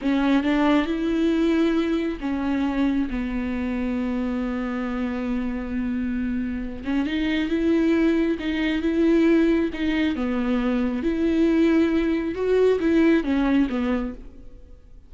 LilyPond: \new Staff \with { instrumentName = "viola" } { \time 4/4 \tempo 4 = 136 cis'4 d'4 e'2~ | e'4 cis'2 b4~ | b1~ | b2.~ b8 cis'8 |
dis'4 e'2 dis'4 | e'2 dis'4 b4~ | b4 e'2. | fis'4 e'4 cis'4 b4 | }